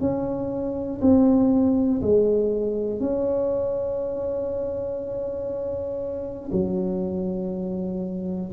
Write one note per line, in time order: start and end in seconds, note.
0.00 1.00 C#4
1.01 2.01 C4
2.02 3.00 G#3
3.00 6.50 C#4
6.52 8.52 F#3